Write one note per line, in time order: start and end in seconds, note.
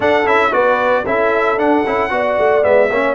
0.00 0.22 D4
0.00 0.24 D4
0.00 0.51 A4
0.00 0.27 F#5
0.24 0.51 C#4
0.24 0.51 E4
0.24 0.53 E5
0.51 1.05 B3
0.51 1.04 F#4
0.51 1.05 B4
0.51 1.05 D5
1.06 1.56 C#4
1.06 1.58 E4
1.06 2.12 A4
1.06 1.58 E5
1.56 1.82 D4
1.56 1.84 D4
1.56 2.64 F#5
1.86 2.10 C#4
1.86 2.09 E4
2.09 2.37 B3
2.09 2.61 F#4
2.09 2.90 D5
2.38 2.64 A3
2.61 2.90 G#3
2.61 2.88 B3
2.61 3.14 E5
2.90 3.14 A#3
2.90 3.14 C#4
2.90 3.14 C#5